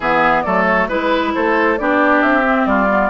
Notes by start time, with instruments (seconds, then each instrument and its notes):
0.00 bassoon E3, clarinet B3, oboe G#4, flute E5
0.41 bassoon F#3, clarinet A3, oboe A4, flute D5
0.64 flute C#5
0.88 bassoon G#3, clarinet E4, oboe B4, flute B4
1.34 bassoon A3, oboe A4, flute C5
1.77 bassoon B3, clarinet D4, oboe G4, flute D5
2.22 bassoon C4, flute E5
2.43 clarinet C4
2.66 bassoon G3, oboe F4, flute D5
2.89 clarinet B3